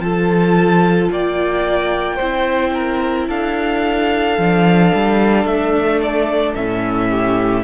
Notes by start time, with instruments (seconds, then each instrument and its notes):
0.00 cello F3, viola F4, violin A4 A5
1.10 cello A#3, violin D5 G5
2.16 cello C4, viola E4, violin C5
2.73 violin A#4
3.28 cello D4, violin A4 F5
4.38 cello F3, viola D4
4.95 cello G3
5.45 cello A3, violin E5
6.02 violin D5
6.55 cello A2, viola C#4, violin E5
7.09 violin G4